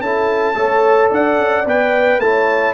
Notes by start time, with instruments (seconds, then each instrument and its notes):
0.00 tuba C#4, trombone E4, horn A4, trumpet A5
0.54 tuba A3, trombone A4, horn C#5
1.10 tuba D4, horn D5, trumpet F#5
1.38 tuba C#4
1.65 tuba B3, trombone B4, trumpet G5
2.19 tuba A3, trombone E4, horn C#5, trumpet A5